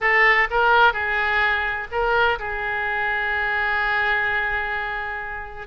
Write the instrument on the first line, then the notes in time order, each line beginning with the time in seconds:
oboe
0.00 A4
0.50 A#4
0.93 G#4
1.91 A#4
2.39 G#4